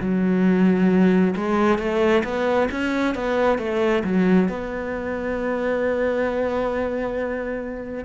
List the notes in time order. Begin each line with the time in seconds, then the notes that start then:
0.00 F#3
1.36 G#3
1.78 A3
2.24 B3
2.71 C#4
3.15 B3
3.58 A3
4.04 F#3
4.49 B3